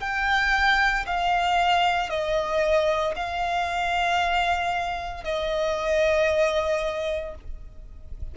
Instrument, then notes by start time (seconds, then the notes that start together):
violin
0.00 G5
1.06 F5
2.10 D#5
3.16 F5
5.24 D#5